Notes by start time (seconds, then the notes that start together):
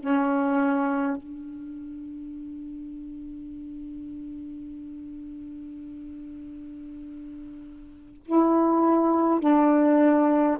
0.00 C#4
1.17 D4
8.26 E4
9.41 D4